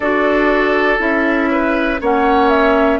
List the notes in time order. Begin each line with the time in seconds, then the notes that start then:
0.00 D4 F#4 A4 D5
0.98 C#4 E4 E5
1.51 B4
2.00 A#3 C#4 C#5 F#5
2.49 E5